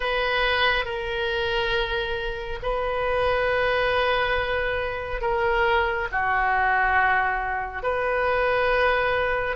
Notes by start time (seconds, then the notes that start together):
0.00 B4
0.85 A#4
2.62 B4
5.21 A#4
6.11 F#4
7.82 B4